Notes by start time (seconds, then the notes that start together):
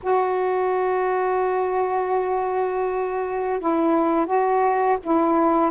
0.02 F#4
3.59 E4
4.26 F#4
5.03 E4